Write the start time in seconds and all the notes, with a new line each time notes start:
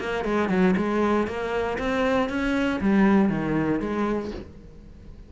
0.00 A#3
0.25 G#3
0.50 F#3
0.77 G#3
1.28 A#3
1.79 C4
2.30 C#4
2.81 G3
3.30 D#3
3.80 G#3